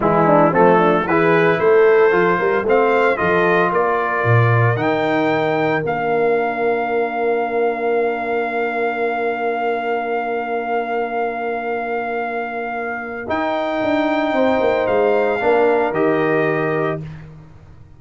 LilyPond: <<
  \new Staff \with { instrumentName = "trumpet" } { \time 4/4 \tempo 4 = 113 e'4 a'4 b'4 c''4~ | c''4 f''4 dis''4 d''4~ | d''4 g''2 f''4~ | f''1~ |
f''1~ | f''1~ | f''4 g''2. | f''2 dis''2 | }
  \new Staff \with { instrumentName = "horn" } { \time 4/4 e'8 d'8 c'8 d'8 gis'4 a'4~ | a'8 ais'8 c''4 a'4 ais'4~ | ais'1~ | ais'1~ |
ais'1~ | ais'1~ | ais'2. c''4~ | c''4 ais'2. | }
  \new Staff \with { instrumentName = "trombone" } { \time 4/4 gis4 a4 e'2 | f'4 c'4 f'2~ | f'4 dis'2 d'4~ | d'1~ |
d'1~ | d'1~ | d'4 dis'2.~ | dis'4 d'4 g'2 | }
  \new Staff \with { instrumentName = "tuba" } { \time 4/4 e4 f4 e4 a4 | f8 g8 a4 f4 ais4 | ais,4 dis2 ais4~ | ais1~ |
ais1~ | ais1~ | ais4 dis'4 d'4 c'8 ais8 | gis4 ais4 dis2 | }
>>